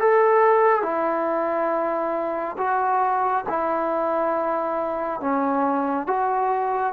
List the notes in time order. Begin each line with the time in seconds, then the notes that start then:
0.00 A4
0.83 E4
2.57 F#4
3.49 E4
5.20 C#4
6.07 F#4